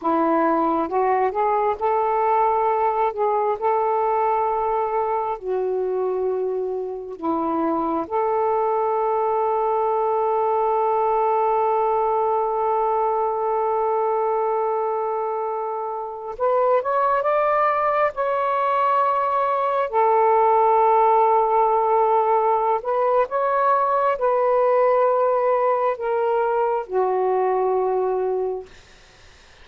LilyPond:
\new Staff \with { instrumentName = "saxophone" } { \time 4/4 \tempo 4 = 67 e'4 fis'8 gis'8 a'4. gis'8 | a'2 fis'2 | e'4 a'2.~ | a'1~ |
a'2~ a'16 b'8 cis''8 d''8.~ | d''16 cis''2 a'4.~ a'16~ | a'4. b'8 cis''4 b'4~ | b'4 ais'4 fis'2 | }